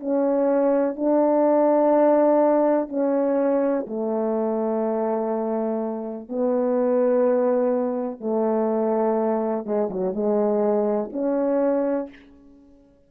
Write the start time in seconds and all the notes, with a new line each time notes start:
0.00 C#4
0.96 D4
2.89 C#4
3.88 A3
6.29 B3
8.21 A3
9.66 G#3
9.90 F#3
10.14 G#3
11.13 C#4